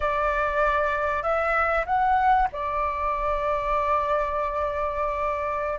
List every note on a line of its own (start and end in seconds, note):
0.00 1.22 D5
1.22 1.85 E5
1.86 2.48 F#5
2.52 5.79 D5